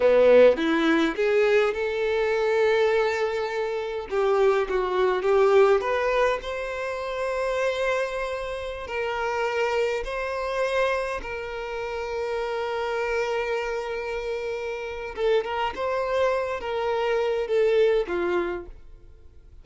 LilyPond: \new Staff \with { instrumentName = "violin" } { \time 4/4 \tempo 4 = 103 b4 e'4 gis'4 a'4~ | a'2. g'4 | fis'4 g'4 b'4 c''4~ | c''2.~ c''16 ais'8.~ |
ais'4~ ais'16 c''2 ais'8.~ | ais'1~ | ais'2 a'8 ais'8 c''4~ | c''8 ais'4. a'4 f'4 | }